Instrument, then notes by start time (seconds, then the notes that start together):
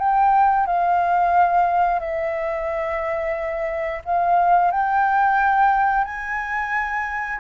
flute
0.00 G5
0.67 F5
2.00 E5
4.05 F5
4.72 G5
6.05 G#5